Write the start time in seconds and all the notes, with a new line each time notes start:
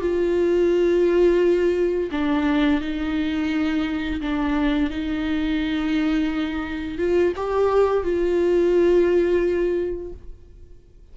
0.00 F4
2.11 D4
2.81 D#4
4.21 D4
4.90 D#4
6.98 F4
7.36 G4
8.03 F4